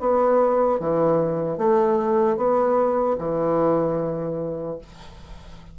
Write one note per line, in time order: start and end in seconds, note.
0.00 0.80 B3
0.80 1.58 E3
1.58 2.37 A3
2.37 3.17 B3
3.19 4.79 E3